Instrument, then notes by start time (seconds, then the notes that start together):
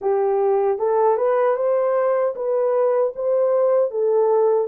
horn
0.01 G4
0.78 A4
1.17 B4
1.56 C5
2.35 B4
3.15 C5
3.90 A4